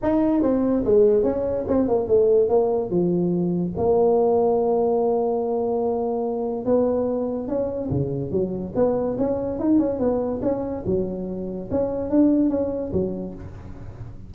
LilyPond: \new Staff \with { instrumentName = "tuba" } { \time 4/4 \tempo 4 = 144 dis'4 c'4 gis4 cis'4 | c'8 ais8 a4 ais4 f4~ | f4 ais2.~ | ais1 |
b2 cis'4 cis4 | fis4 b4 cis'4 dis'8 cis'8 | b4 cis'4 fis2 | cis'4 d'4 cis'4 fis4 | }